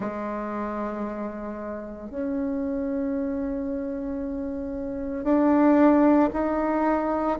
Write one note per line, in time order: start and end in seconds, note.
0.00 2.10 G#3
2.10 5.23 C#4
5.23 6.29 D4
6.33 7.38 D#4